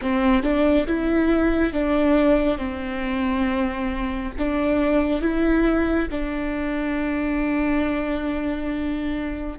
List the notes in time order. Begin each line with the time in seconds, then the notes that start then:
0.01 C4
0.43 D4
0.87 E4
1.72 D4
2.58 C4
4.38 D4
5.21 E4
6.11 D4